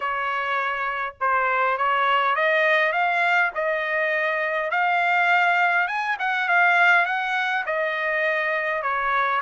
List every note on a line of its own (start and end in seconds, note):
0.00 1.14 C#5
1.20 1.77 C5
1.77 2.35 C#5
2.35 2.92 D#5
2.92 3.51 F5
3.55 4.71 D#5
4.71 5.87 F5
5.87 6.17 G#5
6.19 6.48 F#5
6.48 7.05 F5
7.05 7.64 F#5
7.66 8.82 D#5
8.82 9.41 C#5